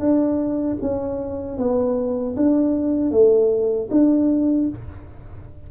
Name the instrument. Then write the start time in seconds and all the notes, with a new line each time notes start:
tuba
0.00 D4
0.82 C#4
1.58 B3
2.37 D4
3.11 A3
3.91 D4